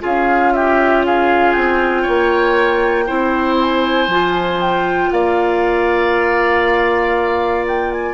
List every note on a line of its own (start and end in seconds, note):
0.00 1.55 C#4
0.00 3.05 F4
0.00 0.52 G#4
0.00 0.53 F5
0.53 1.05 G4
0.53 1.04 E5
1.05 2.02 G#4
1.05 1.52 F5
1.52 2.06 C4
1.52 3.55 G5
2.02 3.09 A#3
2.02 3.04 C#5
3.06 4.07 C4
3.06 4.09 E4
3.06 5.10 C5
3.60 4.61 G#5
4.07 5.09 F3
4.07 8.13 F4
4.61 5.11 G5
5.11 8.13 A#3
5.11 8.13 D5
5.11 7.66 F5
7.67 7.91 G5
7.91 8.13 G#5